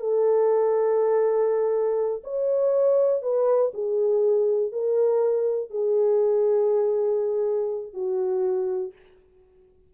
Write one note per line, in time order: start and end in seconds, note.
0.00 2.23 A4
2.24 3.23 C#5
3.23 3.72 B4
3.74 4.73 G#4
4.73 5.70 A#4
5.70 7.94 G#4
7.94 8.93 F#4